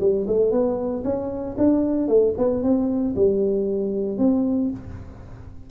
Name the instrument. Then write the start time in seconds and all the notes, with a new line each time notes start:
tuba
0.00 G3
0.27 A3
0.51 B3
1.04 C#4
1.57 D4
2.08 A3
2.38 B3
2.63 C4
3.16 G3
4.18 C4